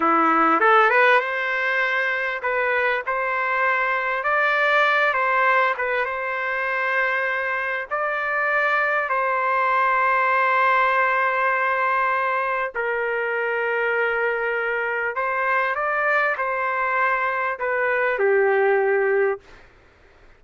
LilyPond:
\new Staff \with { instrumentName = "trumpet" } { \time 4/4 \tempo 4 = 99 e'4 a'8 b'8 c''2 | b'4 c''2 d''4~ | d''8 c''4 b'8 c''2~ | c''4 d''2 c''4~ |
c''1~ | c''4 ais'2.~ | ais'4 c''4 d''4 c''4~ | c''4 b'4 g'2 | }